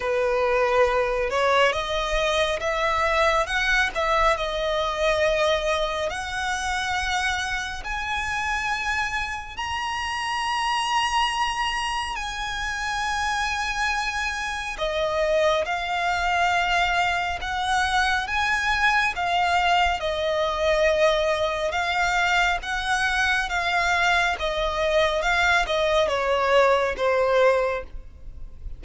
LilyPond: \new Staff \with { instrumentName = "violin" } { \time 4/4 \tempo 4 = 69 b'4. cis''8 dis''4 e''4 | fis''8 e''8 dis''2 fis''4~ | fis''4 gis''2 ais''4~ | ais''2 gis''2~ |
gis''4 dis''4 f''2 | fis''4 gis''4 f''4 dis''4~ | dis''4 f''4 fis''4 f''4 | dis''4 f''8 dis''8 cis''4 c''4 | }